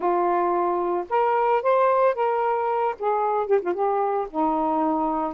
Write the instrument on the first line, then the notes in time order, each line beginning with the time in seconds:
saxophone
0.00 F4
1.09 A#4
1.62 C5
2.14 A#4
2.99 G#4
3.46 G4
3.61 F4
3.73 G4
4.30 D#4